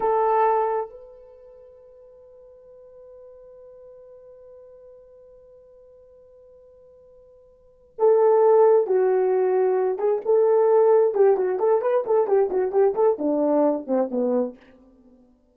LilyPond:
\new Staff \with { instrumentName = "horn" } { \time 4/4 \tempo 4 = 132 a'2 b'2~ | b'1~ | b'1~ | b'1~ |
b'4. a'2 fis'8~ | fis'2 gis'8 a'4.~ | a'8 g'8 fis'8 a'8 b'8 a'8 g'8 fis'8 | g'8 a'8 d'4. c'8 b4 | }